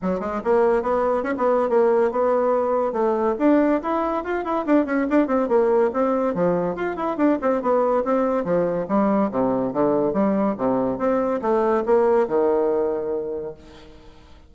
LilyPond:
\new Staff \with { instrumentName = "bassoon" } { \time 4/4 \tempo 4 = 142 fis8 gis8 ais4 b4 cis'16 b8. | ais4 b2 a4 | d'4 e'4 f'8 e'8 d'8 cis'8 | d'8 c'8 ais4 c'4 f4 |
f'8 e'8 d'8 c'8 b4 c'4 | f4 g4 c4 d4 | g4 c4 c'4 a4 | ais4 dis2. | }